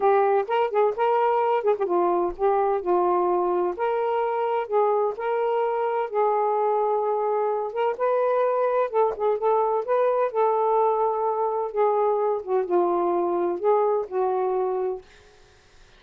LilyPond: \new Staff \with { instrumentName = "saxophone" } { \time 4/4 \tempo 4 = 128 g'4 ais'8 gis'8 ais'4. gis'16 g'16 | f'4 g'4 f'2 | ais'2 gis'4 ais'4~ | ais'4 gis'2.~ |
gis'8 ais'8 b'2 a'8 gis'8 | a'4 b'4 a'2~ | a'4 gis'4. fis'8 f'4~ | f'4 gis'4 fis'2 | }